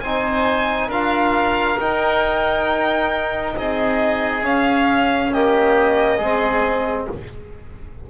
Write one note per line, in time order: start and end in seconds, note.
0.00 0.88 C4
0.00 0.91 D#4
0.00 0.88 C5
0.00 0.88 G#5
0.88 1.76 D4
0.88 1.79 F4
0.88 3.52 A#4
0.88 1.79 F5
1.78 3.55 D#4
1.78 4.43 D#4
1.78 3.56 G5
3.56 4.42 C4
3.56 5.32 G#4
3.56 4.45 D#5
4.42 6.19 C#4
4.42 5.31 C#4
4.42 5.33 F5
5.32 6.22 A#3
5.32 6.17 G4
5.32 7.09 D#5
6.17 7.07 G#3
6.17 7.10 C4
6.17 7.06 G#4